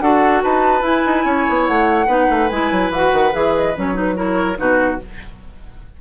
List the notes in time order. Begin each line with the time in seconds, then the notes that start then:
0.00 D4 F#4 A4 F#5
0.43 D#4 B4 A5
0.81 E4 G#5
1.06 D#4
1.25 C#4 C#5
1.49 B3
1.66 A3 F#5
2.06 B3 D#4 B4
2.30 A3
2.49 G#3 E4 G#5
2.71 F#3
2.90 E3 F#4 F#5
3.12 D#3
3.32 E3 G#4 E5
3.56 D#5
3.76 F#3 C#4 C#5
3.94 D#4 B4
4.15 E4 A#4 C#5
4.56 B2 D#4 F#4 B4